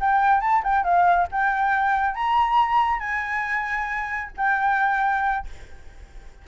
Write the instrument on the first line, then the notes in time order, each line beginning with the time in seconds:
flute
0.00 G5
0.40 A5
0.63 G5
0.84 F5
1.31 G5
2.15 A#5
2.99 G#5
4.37 G5